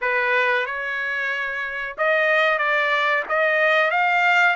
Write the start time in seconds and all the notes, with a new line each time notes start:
0.01 B4
0.66 C#5
1.97 D#5
2.58 D5
3.28 D#5
3.90 F5